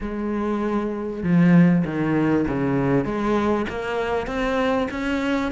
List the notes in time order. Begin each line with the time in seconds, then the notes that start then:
0.00 G#3
1.23 F3
1.85 D#3
2.48 C#3
3.04 G#3
3.69 A#3
4.26 C4
4.90 C#4